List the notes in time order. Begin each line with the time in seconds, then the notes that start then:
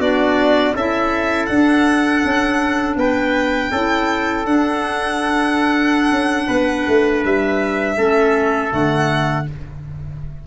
0.00 B3 D4 F#4 D5
0.75 C#4 E4 A4 E5
1.46 D4 F#5
2.25 C#4
2.96 B3 B4 G5
3.72 C#4 E4 A4
4.46 D4 F#5
6.11 C#4
6.47 B3 B4
6.88 A3
7.25 G3 E5
7.97 A3 C#4 A4
8.71 D3 A3 F#5